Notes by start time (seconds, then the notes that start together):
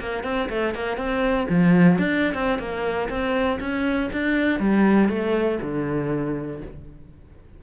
0.00 A#3
0.24 C4
0.49 A3
0.74 A#3
0.97 C4
1.49 F3
1.98 D4
2.34 C4
2.59 A#3
3.09 C4
3.60 C#4
4.12 D4
4.59 G3
5.08 A3
5.62 D3